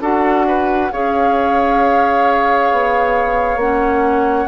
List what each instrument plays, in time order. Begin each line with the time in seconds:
0.00 bassoon D4, clarinet F#4, oboe A4, flute F#5
0.47 oboe B4
0.91 bassoon C#4, clarinet G#4, oboe C#5, flute F5
2.71 bassoon B3
3.55 bassoon A#3, clarinet C#4, flute F#5